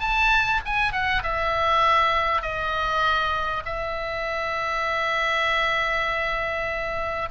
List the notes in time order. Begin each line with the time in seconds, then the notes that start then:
0.00 A5
0.66 G#5
0.92 F#5
1.23 E5
2.42 D#5
3.65 E5